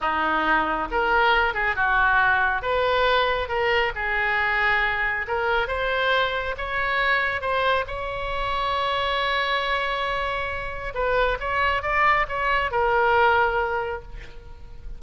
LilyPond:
\new Staff \with { instrumentName = "oboe" } { \time 4/4 \tempo 4 = 137 dis'2 ais'4. gis'8 | fis'2 b'2 | ais'4 gis'2. | ais'4 c''2 cis''4~ |
cis''4 c''4 cis''2~ | cis''1~ | cis''4 b'4 cis''4 d''4 | cis''4 ais'2. | }